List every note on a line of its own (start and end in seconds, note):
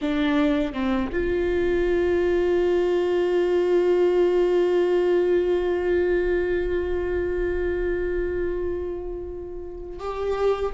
0.01 0.73 D4
0.73 1.10 C4
1.12 9.99 F4
9.99 10.73 G4